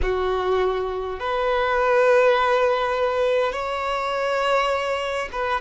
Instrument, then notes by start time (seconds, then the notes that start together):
violin
0.02 F#4
1.19 B4
3.52 C#5
5.32 B4